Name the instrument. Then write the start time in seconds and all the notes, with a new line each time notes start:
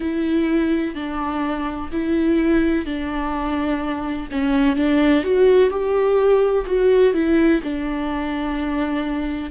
viola
0.00 E4
0.94 D4
1.91 E4
2.85 D4
4.31 C#4
4.76 D4
5.23 F#4
5.70 G4
6.65 F#4
7.13 E4
7.63 D4